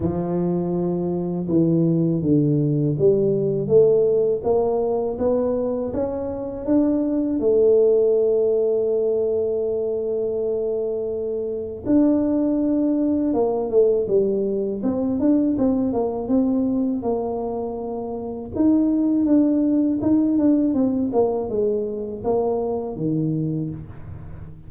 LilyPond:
\new Staff \with { instrumentName = "tuba" } { \time 4/4 \tempo 4 = 81 f2 e4 d4 | g4 a4 ais4 b4 | cis'4 d'4 a2~ | a1 |
d'2 ais8 a8 g4 | c'8 d'8 c'8 ais8 c'4 ais4~ | ais4 dis'4 d'4 dis'8 d'8 | c'8 ais8 gis4 ais4 dis4 | }